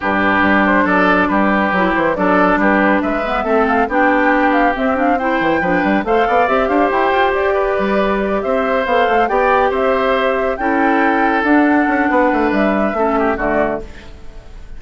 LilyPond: <<
  \new Staff \with { instrumentName = "flute" } { \time 4/4 \tempo 4 = 139 b'4. c''8 d''4 b'4~ | b'8 c''8 d''4 b'4 e''4~ | e''8 f''8 g''4. f''8 e''8 f''8 | g''2 f''4 e''8 f''8 |
g''4 d''2~ d''8 e''8~ | e''8 f''4 g''4 e''4.~ | e''8 g''2 fis''4.~ | fis''4 e''2 d''4 | }
  \new Staff \with { instrumentName = "oboe" } { \time 4/4 g'2 a'4 g'4~ | g'4 a'4 g'4 b'4 | a'4 g'2. | c''4 b'4 c''8 d''4 c''8~ |
c''4. b'2 c''8~ | c''4. d''4 c''4.~ | c''8 a'2.~ a'8 | b'2 a'8 g'8 fis'4 | }
  \new Staff \with { instrumentName = "clarinet" } { \time 4/4 d'1 | e'4 d'2~ d'8 b8 | c'4 d'2 c'8 d'8 | e'4 d'4 a'4 g'4~ |
g'1~ | g'8 a'4 g'2~ g'8~ | g'8 e'2 d'4.~ | d'2 cis'4 a4 | }
  \new Staff \with { instrumentName = "bassoon" } { \time 4/4 g,4 g4 fis4 g4 | fis8 e8 fis4 g4 gis4 | a4 b2 c'4~ | c'8 e8 f8 g8 a8 b8 c'8 d'8 |
e'8 f'8 g'4 g4. c'8~ | c'8 b8 a8 b4 c'4.~ | c'8 cis'2 d'4 cis'8 | b8 a8 g4 a4 d4 | }
>>